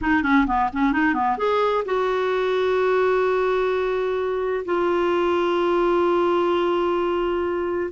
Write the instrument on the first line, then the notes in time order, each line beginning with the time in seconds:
clarinet
0.01 D#4
0.23 C#4
0.46 B3
0.73 C#4
0.92 D#4
1.14 B3
1.37 G#4
1.85 F#4
4.65 F4